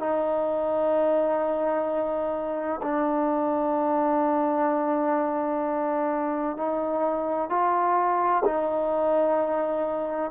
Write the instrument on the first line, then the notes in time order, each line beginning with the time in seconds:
trombone
0.00 D#4
2.83 D4
6.57 D#4
7.50 F4
8.45 D#4